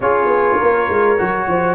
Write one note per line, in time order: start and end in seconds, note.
0.00 0.26 C#4
0.00 1.18 F4
0.00 0.58 G#4
0.00 1.75 C#5
0.26 0.55 B3
0.58 0.89 A#3
0.58 1.47 A#4
0.89 1.19 G#3
1.18 1.47 F#3
1.18 1.75 F#4
1.47 1.75 F3
1.47 1.75 C5